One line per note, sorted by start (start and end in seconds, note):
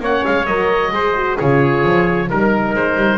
0.00 0.23 A#3
0.00 0.46 C#4
0.00 0.93 C#5
0.00 0.25 F#5
0.25 0.47 G#3
0.25 0.46 F5
0.46 0.91 F#3
0.46 0.91 A#4
0.46 1.37 D#5
0.91 1.37 G#3
0.91 1.14 G#4
0.91 1.38 C5
1.16 1.38 F#4
1.38 1.85 C#3
1.38 2.28 F4
1.38 2.29 G#4
1.38 2.30 C#5
1.85 2.30 F3
2.28 2.74 G3
2.28 3.18 D#4
2.28 2.75 A#4
2.28 3.18 A#4
2.74 2.96 G#3
2.74 3.18 C5
2.96 3.18 G3